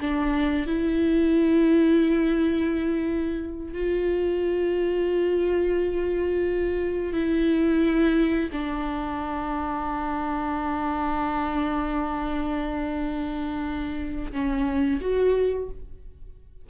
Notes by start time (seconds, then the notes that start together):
0.00 D4
0.66 E4
3.73 F4
7.13 E4
8.52 D4
14.32 C#4
15.01 F#4